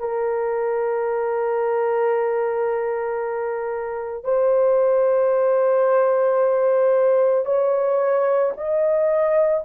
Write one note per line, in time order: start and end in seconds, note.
0.00 4.25 A#4
4.25 7.46 C5
7.46 8.53 C#5
8.58 9.65 D#5